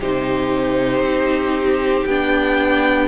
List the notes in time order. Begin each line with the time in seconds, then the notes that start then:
0.00 C3 D#4 G4 C5
1.00 C4
2.06 B3 D4 G5